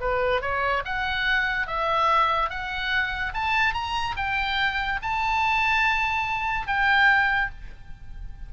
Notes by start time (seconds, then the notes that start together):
0.00 B4
0.41 C#5
0.85 F#5
1.67 E5
2.49 F#5
3.33 A5
3.73 A#5
4.16 G5
5.02 A5
6.67 G5